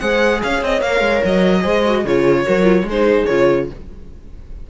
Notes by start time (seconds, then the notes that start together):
0.00 G#3 G#4 C5 F#5
0.43 C#4 C#5 F5
0.62 C4 D#5
0.81 A#3 A#4 F5
1.00 G#3
1.24 F#3 D#5
1.61 G#3 G#4 C5
1.85 F#4
2.04 C#3 F4 G#4 C#5
2.45 F#3 F#4 A#4
2.62 F4
2.83 G#3 G#4
2.90 D#4 C5
3.26 C#3 F4 C#5